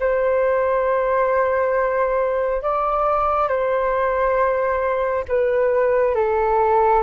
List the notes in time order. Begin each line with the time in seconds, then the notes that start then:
0.00 C5
2.63 D5
3.49 C5
5.29 B4
6.16 A4